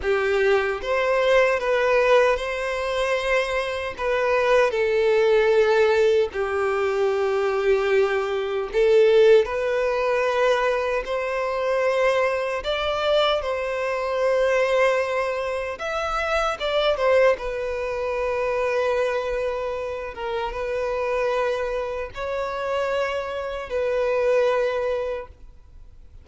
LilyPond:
\new Staff \with { instrumentName = "violin" } { \time 4/4 \tempo 4 = 76 g'4 c''4 b'4 c''4~ | c''4 b'4 a'2 | g'2. a'4 | b'2 c''2 |
d''4 c''2. | e''4 d''8 c''8 b'2~ | b'4. ais'8 b'2 | cis''2 b'2 | }